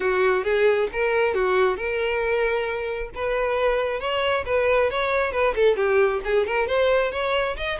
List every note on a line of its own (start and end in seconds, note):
0.00 0.43 F#4
0.43 0.88 G#4
0.92 1.34 A#4
1.34 1.76 F#4
1.76 3.10 A#4
3.14 4.00 B4
4.00 4.44 C#5
4.45 4.90 B4
4.90 5.32 C#5
5.32 5.54 B4
5.55 5.76 A4
5.76 6.20 G4
6.24 6.46 G#4
6.46 6.67 A#4
6.67 7.11 C5
7.11 7.56 C#5
7.56 7.79 D#5